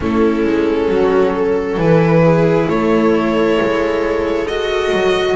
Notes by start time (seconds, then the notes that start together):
0.00 A3 C#4 E4 A4
0.44 G#3
0.88 F#3 F#4
1.35 A4
1.77 E3 E4 B4
2.24 G#4
2.68 A3 A4 C#5
3.60 G#3
4.47 F#4 D#5
4.93 F#3